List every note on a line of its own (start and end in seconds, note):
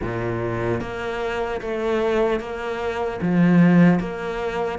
0.01 0.80 A#2
0.80 1.60 A#3
1.61 2.40 A3
2.40 3.20 A#3
3.21 3.99 F3
3.99 4.79 A#3